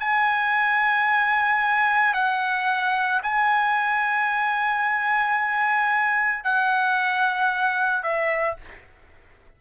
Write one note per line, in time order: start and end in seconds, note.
0.00 2.14 G#5
2.14 3.21 F#5
3.23 6.44 G#5
6.44 8.03 F#5
8.03 8.57 E5